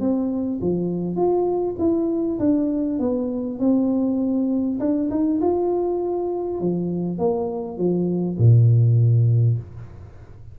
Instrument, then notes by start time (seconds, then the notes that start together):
tuba
0.00 C4
0.61 F3
1.16 F4
1.79 E4
2.39 D4
2.99 B3
3.59 C4
4.80 D4
5.10 D#4
5.41 F4
6.61 F3
7.18 A#3
7.78 F3
8.38 A#2